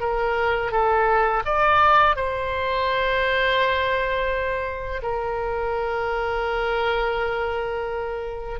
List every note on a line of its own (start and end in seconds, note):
0.00 0.71 A#4
0.71 1.43 A4
1.45 2.16 D5
2.16 5.02 C5
5.02 8.59 A#4